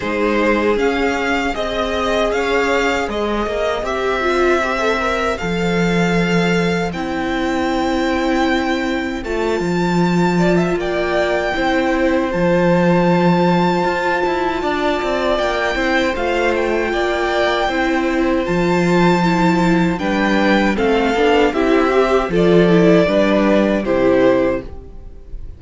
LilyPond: <<
  \new Staff \with { instrumentName = "violin" } { \time 4/4 \tempo 4 = 78 c''4 f''4 dis''4 f''4 | dis''4 e''2 f''4~ | f''4 g''2. | a''2 g''2 |
a''1 | g''4 f''8 g''2~ g''8 | a''2 g''4 f''4 | e''4 d''2 c''4 | }
  \new Staff \with { instrumentName = "violin" } { \time 4/4 gis'2 dis''4 cis''4 | c''1~ | c''1~ | c''4. d''16 e''16 d''4 c''4~ |
c''2. d''4~ | d''8 c''4. d''4 c''4~ | c''2 b'4 a'4 | g'4 a'4 b'4 g'4 | }
  \new Staff \with { instrumentName = "viola" } { \time 4/4 dis'4 cis'4 gis'2~ | gis'4 g'8 f'8 g'16 a'16 ais'8 a'4~ | a'4 e'2. | f'2. e'4 |
f'1~ | f'8 e'8 f'2 e'4 | f'4 e'4 d'4 c'8 d'8 | e'8 g'8 f'8 e'8 d'4 e'4 | }
  \new Staff \with { instrumentName = "cello" } { \time 4/4 gis4 cis'4 c'4 cis'4 | gis8 ais8 c'2 f4~ | f4 c'2. | a8 f4. ais4 c'4 |
f2 f'8 e'8 d'8 c'8 | ais8 c'8 a4 ais4 c'4 | f2 g4 a8 b8 | c'4 f4 g4 c4 | }
>>